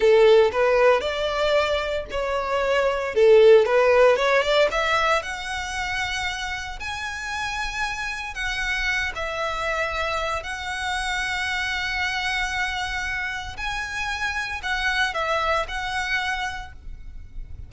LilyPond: \new Staff \with { instrumentName = "violin" } { \time 4/4 \tempo 4 = 115 a'4 b'4 d''2 | cis''2 a'4 b'4 | cis''8 d''8 e''4 fis''2~ | fis''4 gis''2. |
fis''4. e''2~ e''8 | fis''1~ | fis''2 gis''2 | fis''4 e''4 fis''2 | }